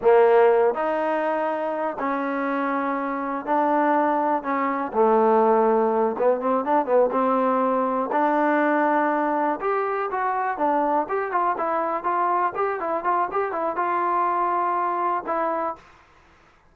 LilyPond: \new Staff \with { instrumentName = "trombone" } { \time 4/4 \tempo 4 = 122 ais4. dis'2~ dis'8 | cis'2. d'4~ | d'4 cis'4 a2~ | a8 b8 c'8 d'8 b8 c'4.~ |
c'8 d'2. g'8~ | g'8 fis'4 d'4 g'8 f'8 e'8~ | e'8 f'4 g'8 e'8 f'8 g'8 e'8 | f'2. e'4 | }